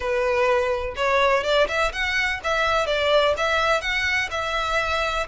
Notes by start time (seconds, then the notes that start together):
0.00 B4
0.96 C#5
1.43 D5
1.68 E5
1.92 F#5
2.43 E5
2.86 D5
3.37 E5
3.81 F#5
4.30 E5